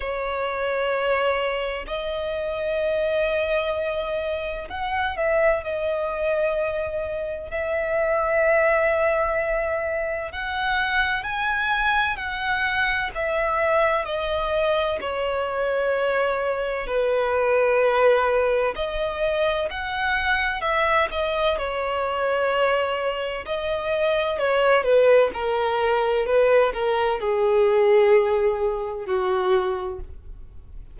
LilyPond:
\new Staff \with { instrumentName = "violin" } { \time 4/4 \tempo 4 = 64 cis''2 dis''2~ | dis''4 fis''8 e''8 dis''2 | e''2. fis''4 | gis''4 fis''4 e''4 dis''4 |
cis''2 b'2 | dis''4 fis''4 e''8 dis''8 cis''4~ | cis''4 dis''4 cis''8 b'8 ais'4 | b'8 ais'8 gis'2 fis'4 | }